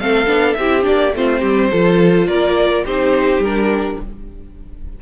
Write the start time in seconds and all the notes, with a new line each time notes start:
0.00 A3 C4 A4 F5
0.27 B3 D4
0.54 C4 G4 E5
0.61 E4
0.83 D4 D5
0.89 A#3
1.14 A3 C4 F4 C5
1.40 G3 G4
1.71 F3 F4 A4
2.27 A#3 A#4 D5
2.85 C4 D#4 G4 C5
3.39 G3 A#4
3.46 D4